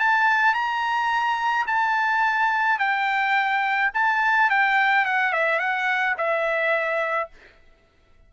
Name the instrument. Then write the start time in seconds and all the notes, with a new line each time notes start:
trumpet
0.00 A5
0.54 A#5
1.67 A5
2.79 G5
3.94 A5
4.50 G5
5.05 F#5
5.33 E5
5.59 F#5
6.18 E5